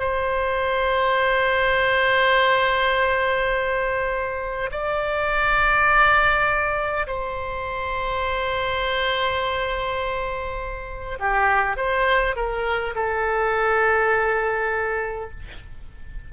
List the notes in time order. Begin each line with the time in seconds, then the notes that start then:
0.00 C5
4.72 D5
7.07 C5
11.20 G4
11.77 C5
12.36 A#4
12.95 A4